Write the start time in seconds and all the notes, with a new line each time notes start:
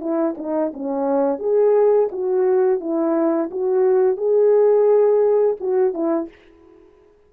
0.00 E4
0.37 D#4
0.74 C#4
1.39 G#4
2.12 F#4
2.80 E4
3.51 F#4
4.17 G#4
5.60 F#4
5.94 E4